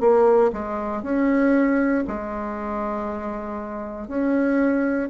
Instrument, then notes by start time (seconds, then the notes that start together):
bassoon
0.00 A#3
0.53 G#3
1.03 C#4
2.07 G#3
4.08 C#4